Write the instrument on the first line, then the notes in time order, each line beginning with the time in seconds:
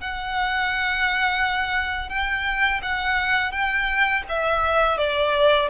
violin
0.00 F#5
2.09 G5
2.82 F#5
3.52 G5
4.29 E5
4.97 D5